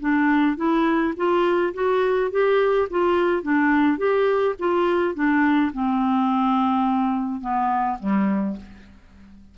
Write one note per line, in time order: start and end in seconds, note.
0.00 0.56 D4
0.56 1.14 E4
1.16 1.73 F4
1.74 2.31 F#4
2.31 2.88 G4
2.90 3.42 F4
3.42 3.97 D4
3.97 4.55 G4
4.59 5.14 F4
5.14 5.71 D4
5.72 7.41 C4
7.41 7.98 B3
7.99 8.56 G3